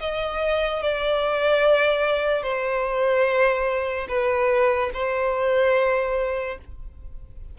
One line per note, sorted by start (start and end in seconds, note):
0.00 0.82 D#5
0.83 2.43 D5
2.43 4.07 C5
4.08 4.90 B4
4.94 6.58 C5